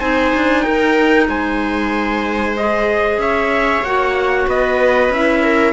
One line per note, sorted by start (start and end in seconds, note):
0.00 0.33 C4
0.00 2.56 D#4
0.00 0.64 C5
0.00 0.62 G#5
0.35 0.66 D4
0.62 1.29 D#4
0.62 1.29 A#4
0.62 1.26 G5
1.29 3.18 G#3
1.29 3.21 C5
1.29 2.57 G#5
2.57 3.86 G#4
2.57 3.20 D#5
3.18 3.82 C#4
3.18 4.48 C#5
3.18 3.84 E5
3.83 4.47 A#3
3.83 5.13 F#4
3.83 4.48 F#5
4.47 5.10 B3
4.47 5.44 B4
4.47 5.13 D#5
5.10 5.73 C#4
5.10 5.74 E4
5.10 5.74 E5
5.44 5.74 A#4